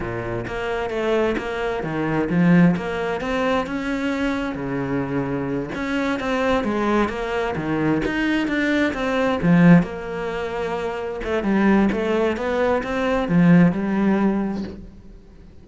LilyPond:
\new Staff \with { instrumentName = "cello" } { \time 4/4 \tempo 4 = 131 ais,4 ais4 a4 ais4 | dis4 f4 ais4 c'4 | cis'2 cis2~ | cis8 cis'4 c'4 gis4 ais8~ |
ais8 dis4 dis'4 d'4 c'8~ | c'8 f4 ais2~ ais8~ | ais8 a8 g4 a4 b4 | c'4 f4 g2 | }